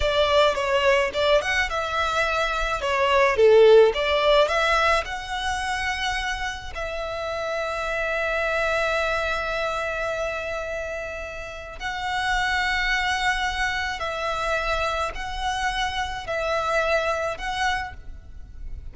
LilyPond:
\new Staff \with { instrumentName = "violin" } { \time 4/4 \tempo 4 = 107 d''4 cis''4 d''8 fis''8 e''4~ | e''4 cis''4 a'4 d''4 | e''4 fis''2. | e''1~ |
e''1~ | e''4 fis''2.~ | fis''4 e''2 fis''4~ | fis''4 e''2 fis''4 | }